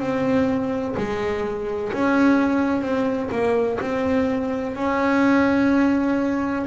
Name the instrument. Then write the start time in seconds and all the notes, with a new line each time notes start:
double bass
0.00 C4
0.97 G#3
1.93 C#4
2.82 C4
3.32 A#3
3.81 C4
4.76 C#4